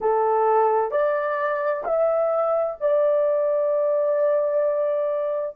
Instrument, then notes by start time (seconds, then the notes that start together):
horn
0.00 A4
0.91 D5
1.84 E5
2.80 D5